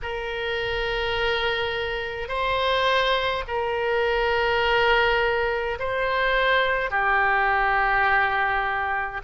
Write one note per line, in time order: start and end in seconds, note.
0.02 2.28 A#4
2.28 3.43 C5
3.47 5.78 A#4
5.78 6.90 C5
6.90 9.21 G4